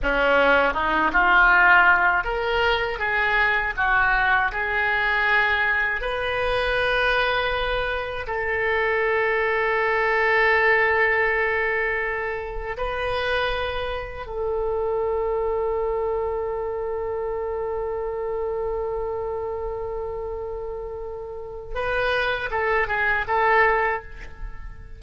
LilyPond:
\new Staff \with { instrumentName = "oboe" } { \time 4/4 \tempo 4 = 80 cis'4 dis'8 f'4. ais'4 | gis'4 fis'4 gis'2 | b'2. a'4~ | a'1~ |
a'4 b'2 a'4~ | a'1~ | a'1~ | a'4 b'4 a'8 gis'8 a'4 | }